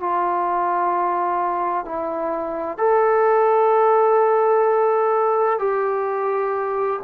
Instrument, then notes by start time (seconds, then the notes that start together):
trombone
0.00 F4
1.85 E4
2.78 A4
5.59 G4